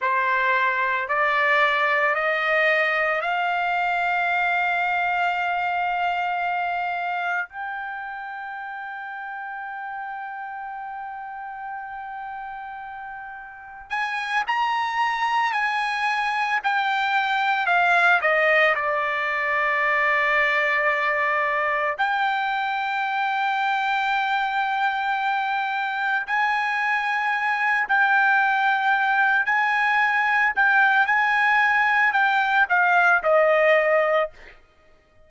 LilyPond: \new Staff \with { instrumentName = "trumpet" } { \time 4/4 \tempo 4 = 56 c''4 d''4 dis''4 f''4~ | f''2. g''4~ | g''1~ | g''4 gis''8 ais''4 gis''4 g''8~ |
g''8 f''8 dis''8 d''2~ d''8~ | d''8 g''2.~ g''8~ | g''8 gis''4. g''4. gis''8~ | gis''8 g''8 gis''4 g''8 f''8 dis''4 | }